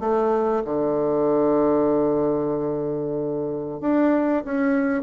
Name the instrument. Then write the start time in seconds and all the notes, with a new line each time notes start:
bassoon
0.00 A3
0.65 D3
3.81 D4
4.45 C#4